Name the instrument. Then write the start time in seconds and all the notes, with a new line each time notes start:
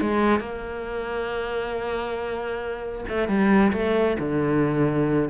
cello
0.00 G#3
0.40 A#3
3.08 A3
3.28 G3
3.72 A3
4.19 D3